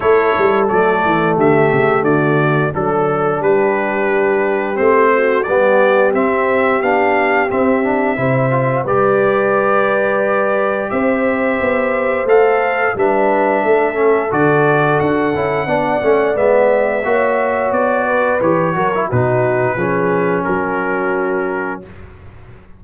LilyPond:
<<
  \new Staff \with { instrumentName = "trumpet" } { \time 4/4 \tempo 4 = 88 cis''4 d''4 e''4 d''4 | a'4 b'2 c''4 | d''4 e''4 f''4 e''4~ | e''4 d''2. |
e''2 f''4 e''4~ | e''4 d''4 fis''2 | e''2 d''4 cis''4 | b'2 ais'2 | }
  \new Staff \with { instrumentName = "horn" } { \time 4/4 a'2 g'4 fis'4 | a'4 g'2~ g'8 fis'8 | g'1 | c''4 b'2. |
c''2. b'4 | a'2. d''4~ | d''4 cis''4. b'4 ais'8 | fis'4 gis'4 fis'2 | }
  \new Staff \with { instrumentName = "trombone" } { \time 4/4 e'4 a2. | d'2. c'4 | b4 c'4 d'4 c'8 d'8 | e'8 f'8 g'2.~ |
g'2 a'4 d'4~ | d'8 cis'8 fis'4. e'8 d'8 cis'8 | b4 fis'2 g'8 fis'16 e'16 | dis'4 cis'2. | }
  \new Staff \with { instrumentName = "tuba" } { \time 4/4 a8 g8 fis8 e8 d8 cis8 d4 | fis4 g2 a4 | g4 c'4 b4 c'4 | c4 g2. |
c'4 b4 a4 g4 | a4 d4 d'8 cis'8 b8 a8 | gis4 ais4 b4 e8 fis8 | b,4 f4 fis2 | }
>>